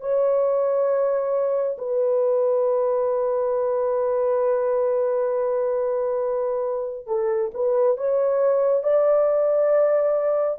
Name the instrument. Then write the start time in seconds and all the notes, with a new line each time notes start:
horn
0.00 C#5
1.78 B4
7.07 A4
7.54 B4
7.97 C#5
8.83 D5